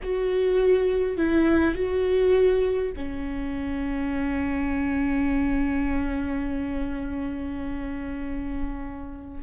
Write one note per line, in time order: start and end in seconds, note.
0.02 1.17 F#4
1.17 1.74 E4
1.74 2.92 F#4
2.96 9.43 C#4